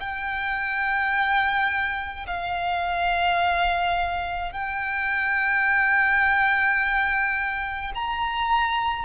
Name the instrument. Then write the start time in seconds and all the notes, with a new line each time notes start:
violin
0.00 G5
2.26 F5
4.52 G5
7.95 A#5